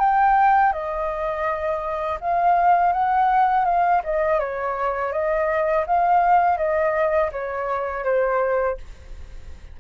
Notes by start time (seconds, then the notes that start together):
0.00 G5
0.73 D#5
2.21 F5
2.93 F#5
3.66 F5
4.04 D#5
4.40 C#5
5.13 D#5
5.87 F5
6.58 D#5
7.32 C#5
8.05 C5